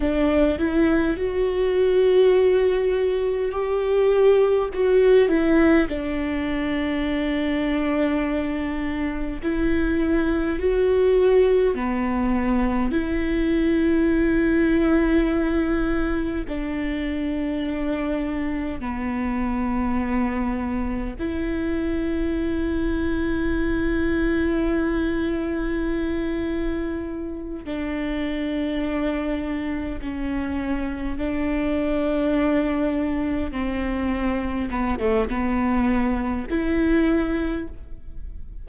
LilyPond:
\new Staff \with { instrumentName = "viola" } { \time 4/4 \tempo 4 = 51 d'8 e'8 fis'2 g'4 | fis'8 e'8 d'2. | e'4 fis'4 b4 e'4~ | e'2 d'2 |
b2 e'2~ | e'2.~ e'8 d'8~ | d'4. cis'4 d'4.~ | d'8 c'4 b16 a16 b4 e'4 | }